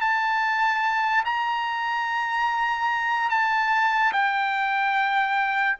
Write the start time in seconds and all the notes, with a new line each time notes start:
0.00 A5
1.24 A#5
3.30 A5
4.12 G5